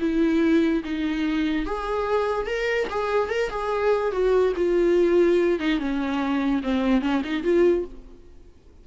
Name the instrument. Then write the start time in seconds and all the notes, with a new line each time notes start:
viola
0.00 E4
0.83 D#4
1.65 G#4
2.46 A#4
2.89 G#4
3.29 A#4
3.50 G#4
4.11 F#4
4.56 F4
5.59 D#4
5.79 C#4
6.63 C4
7.01 C#4
7.24 D#4
7.43 F4